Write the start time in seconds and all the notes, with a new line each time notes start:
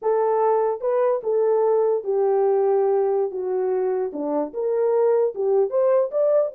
0.02 A4
0.81 B4
1.23 A4
2.03 G4
3.31 F#4
4.13 D4
4.53 A#4
5.34 G4
5.70 C5
6.11 D5